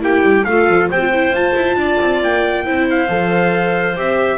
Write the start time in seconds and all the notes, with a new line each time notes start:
0.00 A#3 E4 G4 G5
0.22 G3
0.44 A3 F4 A4 F5
0.69 F3
0.90 C4 G4 C5 G5
0.99 F4
1.13 E4
1.31 F4 A5
1.55 E4
1.76 D4 D5
2.01 C4
2.22 A#3 G5
2.65 C4 E4 C5
2.90 F5
3.08 F3 A4
3.96 C4 G4 E5